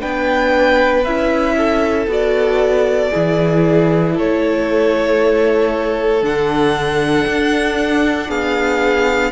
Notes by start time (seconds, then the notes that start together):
0.00 B3 D4 B4 G5
1.04 C#4 E4 E5
1.58 A4
2.07 B3 F#4 D5
3.11 E3 E4 G#4
4.15 A3 A4 C#5
6.22 D3 D4 F#5
7.27 D4
8.29 B3 G#4 F5